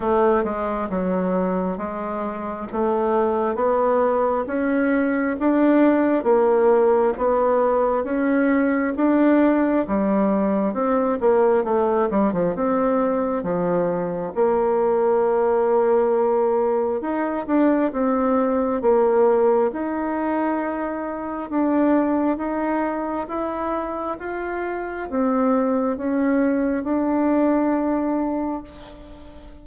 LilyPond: \new Staff \with { instrumentName = "bassoon" } { \time 4/4 \tempo 4 = 67 a8 gis8 fis4 gis4 a4 | b4 cis'4 d'4 ais4 | b4 cis'4 d'4 g4 | c'8 ais8 a8 g16 f16 c'4 f4 |
ais2. dis'8 d'8 | c'4 ais4 dis'2 | d'4 dis'4 e'4 f'4 | c'4 cis'4 d'2 | }